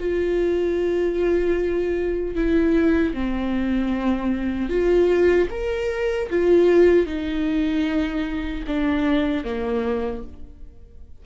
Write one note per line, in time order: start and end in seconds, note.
0.00 2.36 F4
2.36 3.14 E4
3.14 4.70 C4
4.70 5.49 F4
5.51 6.30 A#4
6.30 7.07 F4
7.07 8.64 D#4
8.67 9.44 D4
9.44 10.23 A#3